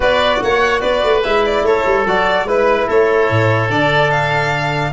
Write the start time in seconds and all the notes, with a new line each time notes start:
0.00 B3 F#4 B4 D5
0.42 A#3 C#5 F#5
0.80 B3 B4 D5
1.03 A3
1.23 G#3 E4 E5
1.45 D5
1.63 A3 A4 C#5
1.85 G3
2.05 F#3 F#4 D5
2.43 G#3 E4 B4
2.86 A3 A4 C#5
3.30 A2
3.69 D3 D4 D5
4.11 F5